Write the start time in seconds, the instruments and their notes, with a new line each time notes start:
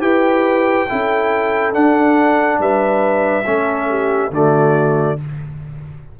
0.00 tuba E4, trombone G4, horn B4, trumpet G5
0.89 tuba C#4, trombone E4, horn A4
1.73 trombone D4, tuba D4, trumpet F#5
2.59 tuba G3, horn B4, trumpet E5
3.46 tuba A3, trombone C#4, horn A4
3.89 horn G4
4.30 tuba D3, trombone A3, horn F#4, trumpet D5